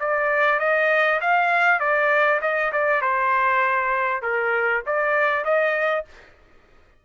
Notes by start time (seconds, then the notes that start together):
0.00 D5
0.59 D#5
1.21 F5
1.80 D5
2.41 D#5
2.72 D5
3.01 C5
4.22 A#4
4.86 D5
5.44 D#5